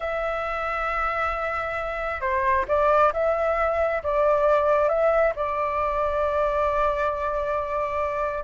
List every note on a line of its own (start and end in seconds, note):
0.00 2.20 E5
2.20 2.65 C5
2.67 3.12 D5
3.13 4.02 E5
4.03 4.88 D5
4.88 5.33 E5
5.35 8.44 D5